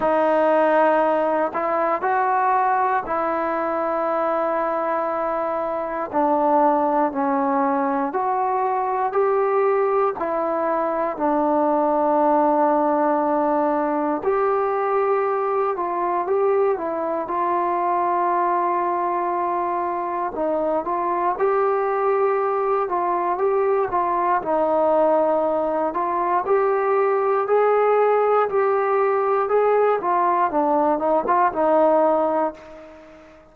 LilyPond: \new Staff \with { instrumentName = "trombone" } { \time 4/4 \tempo 4 = 59 dis'4. e'8 fis'4 e'4~ | e'2 d'4 cis'4 | fis'4 g'4 e'4 d'4~ | d'2 g'4. f'8 |
g'8 e'8 f'2. | dis'8 f'8 g'4. f'8 g'8 f'8 | dis'4. f'8 g'4 gis'4 | g'4 gis'8 f'8 d'8 dis'16 f'16 dis'4 | }